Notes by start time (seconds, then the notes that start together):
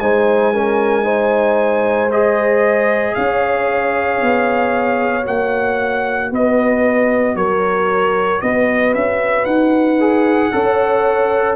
0.00 G#3 D#4 C5 G#5
0.54 C#4 A#4
1.04 D#4 C5
2.12 G#4 D#5
3.15 C#4 C#5 F5
4.22 B3
5.22 A#3 F#4 F#5
6.31 B3 B4 D#5
7.36 F#3 A#4 C#5
8.41 B3 B4 D#5
8.95 C#4 E5
9.45 D#4 F#5
10.00 G#4
10.52 C#4 A4 C#5